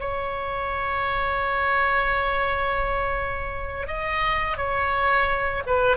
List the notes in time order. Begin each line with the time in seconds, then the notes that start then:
0.00 C#5
3.88 D#5
4.57 C#5
5.67 B4